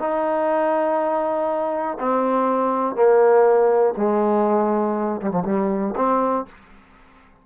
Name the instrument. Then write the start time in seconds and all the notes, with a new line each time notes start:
trombone
0.00 D#4
2.00 C4
2.96 A#3
3.98 G#3
5.22 G3
5.31 F3
5.45 G3
5.96 C4